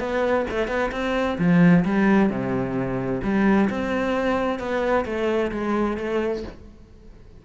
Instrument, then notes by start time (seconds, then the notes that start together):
cello
0.00 B3
0.51 A3
0.68 B3
0.92 C4
1.39 F3
1.85 G3
2.30 C3
3.24 G3
3.70 C4
4.59 B3
5.06 A3
5.52 G#3
5.98 A3